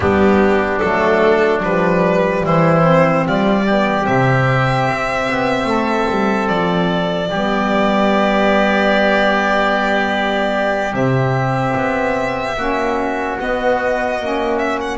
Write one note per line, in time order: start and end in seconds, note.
0.00 0.80 G3
0.00 0.80 B3
0.00 2.40 D4
0.00 0.78 G4
0.78 1.63 F#3
0.78 1.61 A3
0.78 1.59 A4
1.61 2.44 F3
1.61 2.82 G3
1.61 2.45 B4
2.44 3.26 E3
2.44 3.25 E4
2.44 3.27 C5
2.82 3.63 C4
3.26 4.07 G3
3.26 3.65 F4
3.26 4.06 D5
3.65 4.02 B3
3.65 5.68 G4
4.02 4.87 C3
4.02 7.27 C4
4.02 6.48 E5
4.87 5.28 C4
5.28 5.65 B3
5.65 6.05 A3
5.65 7.29 A4
6.09 6.49 G3
6.48 7.30 F3
6.48 10.94 D5
7.29 10.93 G3
7.29 10.91 B3
7.29 12.56 G4
10.91 11.74 C3
10.91 12.53 C4
10.91 13.37 E5
11.76 12.56 B3
12.56 13.37 A#3
12.56 13.38 C#4
12.56 14.97 F#4
13.38 14.19 B3
13.38 14.20 B3
13.38 14.58 D#5
14.20 14.97 A#3
14.20 14.97 C#4
14.58 14.78 E5
14.80 14.97 F#5